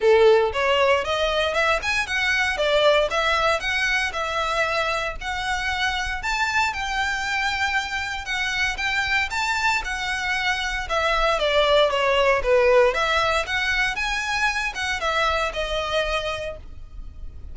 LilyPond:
\new Staff \with { instrumentName = "violin" } { \time 4/4 \tempo 4 = 116 a'4 cis''4 dis''4 e''8 gis''8 | fis''4 d''4 e''4 fis''4 | e''2 fis''2 | a''4 g''2. |
fis''4 g''4 a''4 fis''4~ | fis''4 e''4 d''4 cis''4 | b'4 e''4 fis''4 gis''4~ | gis''8 fis''8 e''4 dis''2 | }